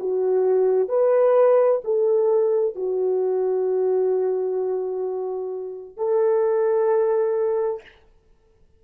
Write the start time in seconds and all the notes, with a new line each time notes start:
0.00 F#4
0.89 B4
1.84 A4
2.76 F#4
5.97 A4